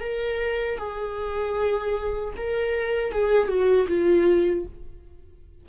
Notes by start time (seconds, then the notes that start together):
0.00 A#4
0.78 G#4
2.37 A#4
3.12 G#4
3.48 F#4
3.87 F4